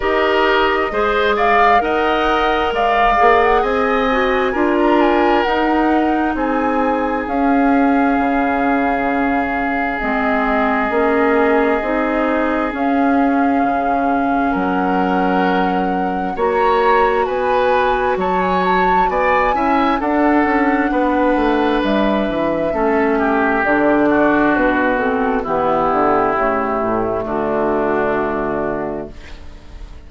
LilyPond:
<<
  \new Staff \with { instrumentName = "flute" } { \time 4/4 \tempo 4 = 66 dis''4. f''8 fis''4 f''8. fis''16 | gis''4~ gis''16 ais''16 gis''8 fis''4 gis''4 | f''2. dis''4~ | dis''2 f''2 |
fis''2 ais''4 gis''4 | a''16 gis''16 a''8 gis''4 fis''2 | e''2 d''4 b'8 a'8 | g'2 fis'2 | }
  \new Staff \with { instrumentName = "oboe" } { \time 4/4 ais'4 c''8 d''8 dis''4 d''4 | dis''4 ais'2 gis'4~ | gis'1~ | gis'1 |
ais'2 cis''4 b'4 | cis''4 d''8 e''8 a'4 b'4~ | b'4 a'8 g'4 fis'4. | e'2 d'2 | }
  \new Staff \with { instrumentName = "clarinet" } { \time 4/4 g'4 gis'4 ais'4. gis'8~ | gis'8 fis'8 f'4 dis'2 | cis'2. c'4 | cis'4 dis'4 cis'2~ |
cis'2 fis'2~ | fis'4. e'8 d'2~ | d'4 cis'4 d'4. c'8 | b4 a2. | }
  \new Staff \with { instrumentName = "bassoon" } { \time 4/4 dis'4 gis4 dis'4 gis8 ais8 | c'4 d'4 dis'4 c'4 | cis'4 cis2 gis4 | ais4 c'4 cis'4 cis4 |
fis2 ais4 b4 | fis4 b8 cis'8 d'8 cis'8 b8 a8 | g8 e8 a4 d4 b,4 | e8 d8 cis8 a,8 d2 | }
>>